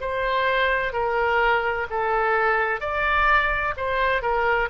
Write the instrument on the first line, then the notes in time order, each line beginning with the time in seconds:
oboe
0.00 C5
0.93 A#4
1.90 A4
2.80 D5
3.77 C5
4.22 A#4